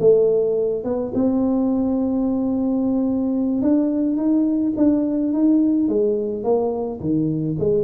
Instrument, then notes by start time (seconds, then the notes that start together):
tuba
0.00 A3
0.84 B3
1.14 C4
3.62 D4
4.16 D#4
4.77 D4
5.32 D#4
5.88 G#3
6.44 A#3
7.00 D#3
7.59 G#3